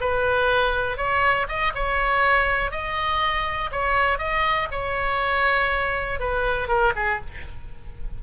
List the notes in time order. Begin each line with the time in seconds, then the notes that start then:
0.00 B4
0.97 C#5
1.48 D#5
1.75 C#5
2.71 D#5
3.71 C#5
4.18 D#5
4.71 C#5
6.19 B4
6.68 A#4
6.95 G#4